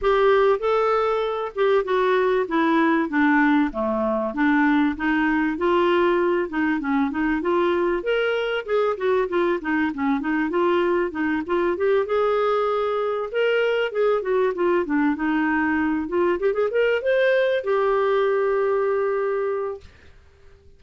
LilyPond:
\new Staff \with { instrumentName = "clarinet" } { \time 4/4 \tempo 4 = 97 g'4 a'4. g'8 fis'4 | e'4 d'4 a4 d'4 | dis'4 f'4. dis'8 cis'8 dis'8 | f'4 ais'4 gis'8 fis'8 f'8 dis'8 |
cis'8 dis'8 f'4 dis'8 f'8 g'8 gis'8~ | gis'4. ais'4 gis'8 fis'8 f'8 | d'8 dis'4. f'8 g'16 gis'16 ais'8 c''8~ | c''8 g'2.~ g'8 | }